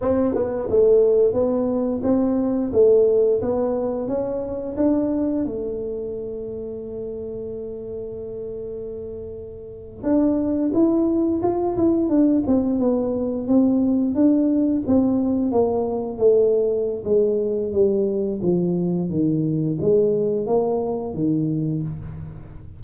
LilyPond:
\new Staff \with { instrumentName = "tuba" } { \time 4/4 \tempo 4 = 88 c'8 b8 a4 b4 c'4 | a4 b4 cis'4 d'4 | a1~ | a2~ a8. d'4 e'16~ |
e'8. f'8 e'8 d'8 c'8 b4 c'16~ | c'8. d'4 c'4 ais4 a16~ | a4 gis4 g4 f4 | dis4 gis4 ais4 dis4 | }